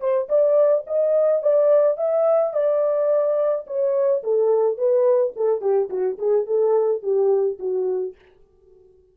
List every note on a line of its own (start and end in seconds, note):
0.00 0.28 C5
0.29 0.85 D5
0.87 1.42 D#5
1.42 1.98 D5
1.98 2.53 E5
2.53 3.66 D5
3.67 4.23 C#5
4.23 4.78 A4
4.78 5.34 B4
5.36 5.61 A4
5.61 5.89 G4
5.90 6.18 F#4
6.18 6.46 G#4
6.47 7.03 A4
7.03 7.59 G4
7.59 8.15 F#4